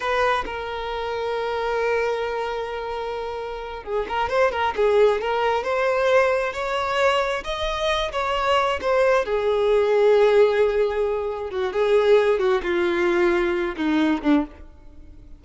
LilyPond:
\new Staff \with { instrumentName = "violin" } { \time 4/4 \tempo 4 = 133 b'4 ais'2.~ | ais'1~ | ais'8 gis'8 ais'8 c''8 ais'8 gis'4 ais'8~ | ais'8 c''2 cis''4.~ |
cis''8 dis''4. cis''4. c''8~ | c''8 gis'2.~ gis'8~ | gis'4. fis'8 gis'4. fis'8 | f'2~ f'8 dis'4 d'8 | }